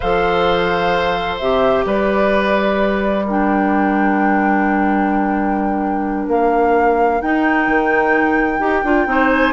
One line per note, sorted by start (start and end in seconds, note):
0.00 1.40 F3
0.00 1.41 A4
0.00 1.85 C5
0.00 1.37 F5
1.38 1.85 C3
1.38 3.27 G4
1.38 1.84 E5
1.85 6.27 G3
1.85 3.25 B4
1.85 3.26 D5
3.25 7.22 D4
3.25 9.06 A#4
3.25 6.28 G5
6.27 7.20 A#3
6.27 7.21 F5
7.21 8.60 D#4
7.21 7.67 D#4
7.21 9.29 G5
7.67 8.59 D#3
8.59 8.82 D#4
8.59 8.83 G4
8.83 9.06 D4
8.83 9.07 F4
9.06 9.53 C4
9.06 9.53 D#4
9.06 9.53 C5
9.29 9.53 G#5